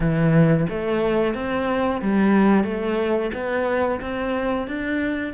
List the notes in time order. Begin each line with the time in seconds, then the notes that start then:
0.00 E3
0.69 A3
1.34 C4
2.01 G3
2.64 A3
3.33 B3
4.00 C4
4.67 D4